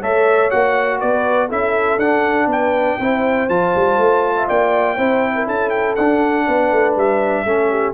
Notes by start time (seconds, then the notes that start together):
0.00 A3 A4 C#5 E5
0.50 A#3 F#4 F#5
1.00 B3 B4 D5
1.48 C#4 E4 A4 E5
1.98 D4 F#5
2.47 B3 B4 G5
3.00 C4 E4 C5
3.49 F3 F4 A5
3.75 G3
3.98 A3
4.36 E5
4.48 A#3 D5 G5
4.95 C4 E4 C5
5.35 A#4
5.47 C#4 A4 A5
5.70 G5
5.96 D4 F#5
6.46 B3 B4
6.71 A3
6.96 G3 E5
7.44 A3 C#4 A4
7.70 G4